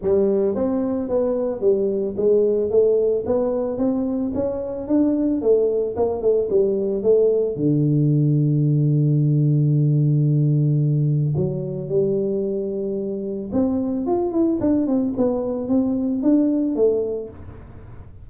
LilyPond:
\new Staff \with { instrumentName = "tuba" } { \time 4/4 \tempo 4 = 111 g4 c'4 b4 g4 | gis4 a4 b4 c'4 | cis'4 d'4 a4 ais8 a8 | g4 a4 d2~ |
d1~ | d4 fis4 g2~ | g4 c'4 f'8 e'8 d'8 c'8 | b4 c'4 d'4 a4 | }